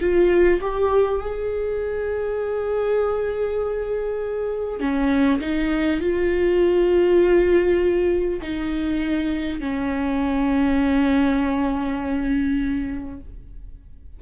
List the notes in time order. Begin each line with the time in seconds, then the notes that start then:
0.00 F4
0.61 G4
1.21 G#4
4.79 C#4
5.40 D#4
6.00 F4
8.41 D#4
9.60 C#4